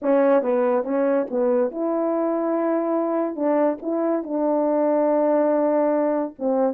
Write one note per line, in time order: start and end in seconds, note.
0.02 0.41 C#4
0.41 0.84 B3
0.84 1.26 C#4
1.30 1.71 B3
1.71 3.35 E4
3.35 3.77 D4
3.81 4.23 E4
4.23 6.34 D4
6.38 6.74 C4